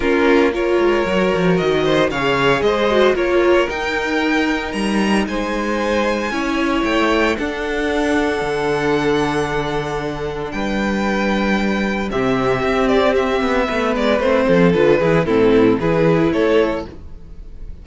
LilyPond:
<<
  \new Staff \with { instrumentName = "violin" } { \time 4/4 \tempo 4 = 114 ais'4 cis''2 dis''4 | f''4 dis''4 cis''4 g''4~ | g''4 ais''4 gis''2~ | gis''4 g''4 fis''2~ |
fis''1 | g''2. e''4~ | e''8 d''8 e''4. d''8 c''4 | b'4 a'4 b'4 cis''4 | }
  \new Staff \with { instrumentName = "violin" } { \time 4/4 f'4 ais'2~ ais'8 c''8 | cis''4 c''4 ais'2~ | ais'2 c''2 | cis''2 a'2~ |
a'1 | b'2. g'4~ | g'2 b'4. a'8~ | a'8 gis'8 e'4 gis'4 a'4 | }
  \new Staff \with { instrumentName = "viola" } { \time 4/4 cis'4 f'4 fis'2 | gis'4. fis'8 f'4 dis'4~ | dis'1 | e'2 d'2~ |
d'1~ | d'2. c'4~ | c'2 b4 c'4 | f'8 e'8 c'4 e'2 | }
  \new Staff \with { instrumentName = "cello" } { \time 4/4 ais4. gis8 fis8 f8 dis4 | cis4 gis4 ais4 dis'4~ | dis'4 g4 gis2 | cis'4 a4 d'2 |
d1 | g2. c4 | c'4. b8 a8 gis8 a8 f8 | d8 e8 a,4 e4 a4 | }
>>